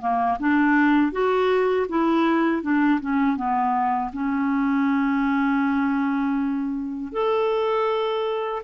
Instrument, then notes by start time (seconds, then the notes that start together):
clarinet
0.00 A#3
0.39 D4
1.12 F#4
1.89 E4
2.62 D4
3.01 C#4
3.36 B3
4.12 C#4
7.12 A4